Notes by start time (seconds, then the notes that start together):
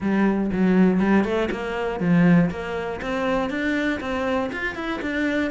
0.00 G3
0.52 F#3
1.00 G3
1.24 A3
1.51 A#3
2.00 F3
2.50 A#3
3.01 C4
3.50 D4
4.00 C4
4.52 F4
4.75 E4
5.01 D4